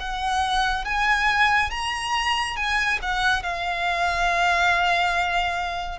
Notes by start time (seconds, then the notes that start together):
0.00 F#5
0.85 G#5
1.71 A#5
2.57 G#5
3.02 F#5
3.43 F5